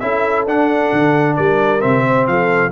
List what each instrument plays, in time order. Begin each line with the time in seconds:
0.00 tuba C#4, trombone E4, horn A4, trumpet E5
0.46 tuba D4, trombone D4, trumpet F#5
0.93 tuba D3
1.36 tuba G3, horn A#4, trumpet D5
1.80 tuba C3, trombone C4, trumpet E5
2.07 horn C5
2.28 tuba F3, horn A4, trumpet F5